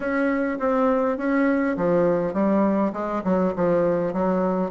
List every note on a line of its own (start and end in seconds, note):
0.00 0.58 C#4
0.59 1.17 C4
1.17 1.76 C#4
1.76 2.33 F3
2.33 2.92 G3
2.93 3.22 G#3
3.24 3.53 F#3
3.56 4.13 F3
4.13 4.70 F#3